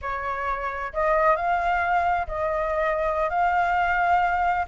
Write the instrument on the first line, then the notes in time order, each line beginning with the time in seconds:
flute
0.01 C#5
0.93 D#5
1.35 F5
2.27 D#5
3.29 F5